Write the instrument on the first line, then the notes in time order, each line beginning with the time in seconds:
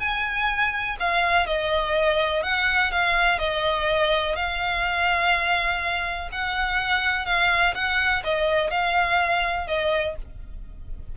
violin
0.00 G#5
1.00 F5
1.47 D#5
2.43 F#5
2.91 F5
3.39 D#5
4.36 F5
6.32 F#5
7.26 F5
7.75 F#5
8.25 D#5
8.71 F5
9.68 D#5